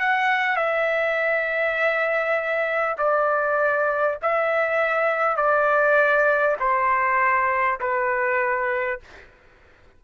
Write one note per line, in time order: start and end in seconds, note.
0.00 0.56 F#5
0.56 2.96 E5
2.98 4.18 D5
4.22 5.37 E5
5.37 6.57 D5
6.59 7.79 C5
7.80 9.00 B4